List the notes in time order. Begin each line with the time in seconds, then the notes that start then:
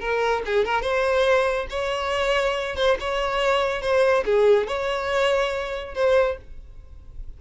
0.00 A#4
0.45 G#4
0.65 A#4
0.82 C5
1.70 C#5
2.76 C5
3.00 C#5
3.82 C5
4.25 G#4
4.67 C#5
5.95 C5